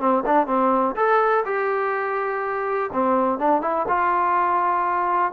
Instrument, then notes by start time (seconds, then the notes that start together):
trombone
0.00 C4
0.26 D4
0.47 C4
0.97 A4
1.46 G4
2.93 C4
3.39 D4
3.62 E4
3.89 F4